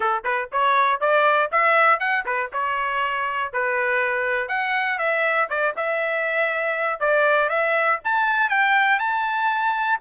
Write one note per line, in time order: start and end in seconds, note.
0.00 0.23 A4
0.24 0.49 B4
0.52 1.00 C#5
1.00 1.50 D5
1.51 1.99 E5
1.99 2.24 F#5
2.25 2.50 B4
2.52 3.52 C#5
3.52 4.48 B4
4.48 4.98 F#5
4.98 5.48 E5
5.49 5.74 D5
5.76 7.00 E5
7.00 7.49 D5
7.49 7.99 E5
8.04 8.49 A5
8.49 8.99 G5
8.99 9.99 A5